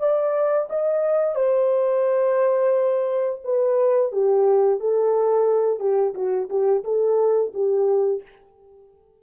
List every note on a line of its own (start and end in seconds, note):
0.00 0.68 D5
0.70 1.35 D#5
1.35 3.40 C5
3.44 4.12 B4
4.12 4.80 G4
4.80 5.80 A4
5.80 6.14 G4
6.15 6.49 F#4
6.50 6.84 G4
6.84 7.52 A4
7.54 8.23 G4